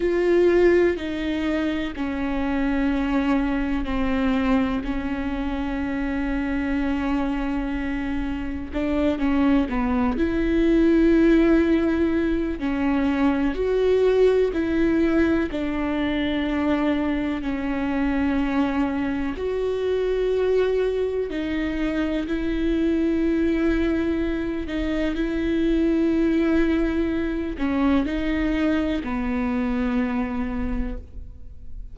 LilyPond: \new Staff \with { instrumentName = "viola" } { \time 4/4 \tempo 4 = 62 f'4 dis'4 cis'2 | c'4 cis'2.~ | cis'4 d'8 cis'8 b8 e'4.~ | e'4 cis'4 fis'4 e'4 |
d'2 cis'2 | fis'2 dis'4 e'4~ | e'4. dis'8 e'2~ | e'8 cis'8 dis'4 b2 | }